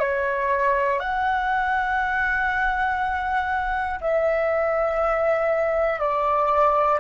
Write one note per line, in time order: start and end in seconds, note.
0.00 1.00 C#5
1.00 4.00 F#5
4.01 6.00 E5
6.00 7.00 D5